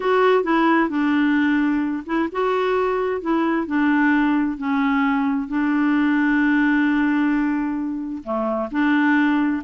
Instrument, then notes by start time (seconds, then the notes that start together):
clarinet
0.00 F#4
0.43 E4
0.89 D4
2.06 E4
2.32 F#4
3.21 E4
3.66 D4
4.57 C#4
5.48 D4
8.23 A3
8.71 D4